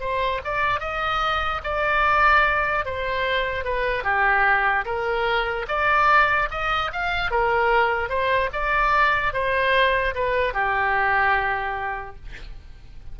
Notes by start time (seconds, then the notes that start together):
0.00 C5
0.44 D5
0.80 D#5
1.64 D5
2.85 C5
3.64 B4
4.04 G4
4.85 A#4
5.68 D5
6.51 D#5
6.92 F5
7.31 A#4
8.09 C5
8.53 D5
9.33 C5
10.15 B4
10.53 G4